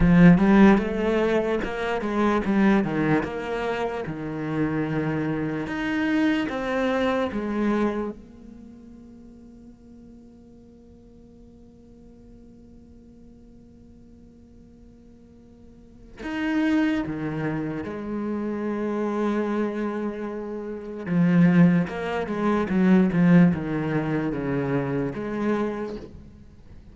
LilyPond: \new Staff \with { instrumentName = "cello" } { \time 4/4 \tempo 4 = 74 f8 g8 a4 ais8 gis8 g8 dis8 | ais4 dis2 dis'4 | c'4 gis4 ais2~ | ais1~ |
ais1 | dis'4 dis4 gis2~ | gis2 f4 ais8 gis8 | fis8 f8 dis4 cis4 gis4 | }